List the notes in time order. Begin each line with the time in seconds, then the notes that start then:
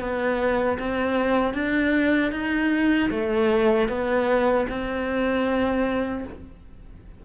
0.00 B3
0.79 C4
1.54 D4
2.32 D#4
3.10 A3
3.89 B3
4.69 C4